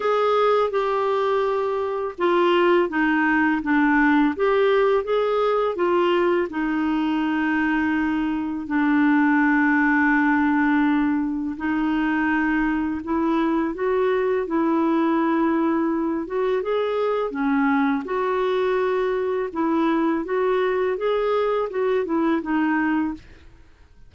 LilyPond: \new Staff \with { instrumentName = "clarinet" } { \time 4/4 \tempo 4 = 83 gis'4 g'2 f'4 | dis'4 d'4 g'4 gis'4 | f'4 dis'2. | d'1 |
dis'2 e'4 fis'4 | e'2~ e'8 fis'8 gis'4 | cis'4 fis'2 e'4 | fis'4 gis'4 fis'8 e'8 dis'4 | }